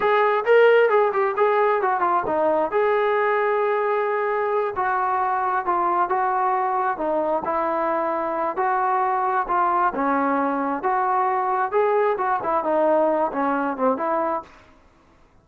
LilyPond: \new Staff \with { instrumentName = "trombone" } { \time 4/4 \tempo 4 = 133 gis'4 ais'4 gis'8 g'8 gis'4 | fis'8 f'8 dis'4 gis'2~ | gis'2~ gis'8 fis'4.~ | fis'8 f'4 fis'2 dis'8~ |
dis'8 e'2~ e'8 fis'4~ | fis'4 f'4 cis'2 | fis'2 gis'4 fis'8 e'8 | dis'4. cis'4 c'8 e'4 | }